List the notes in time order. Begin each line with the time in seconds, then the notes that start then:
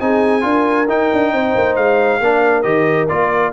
0.00 C4 D#4 G#4 G#5
0.42 D4 F4 A#4
0.88 D#4 G5
1.13 D4
1.33 C4 C5
1.56 A#3
1.76 G#3 F5
2.20 A#3 D4 A#4
2.62 D#3 G4 D#5
3.09 A#3 F4 D5